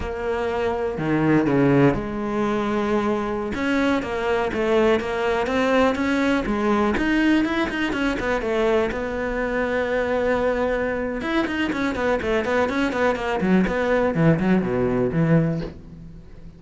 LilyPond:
\new Staff \with { instrumentName = "cello" } { \time 4/4 \tempo 4 = 123 ais2 dis4 cis4 | gis2.~ gis16 cis'8.~ | cis'16 ais4 a4 ais4 c'8.~ | c'16 cis'4 gis4 dis'4 e'8 dis'16~ |
dis'16 cis'8 b8 a4 b4.~ b16~ | b2. e'8 dis'8 | cis'8 b8 a8 b8 cis'8 b8 ais8 fis8 | b4 e8 fis8 b,4 e4 | }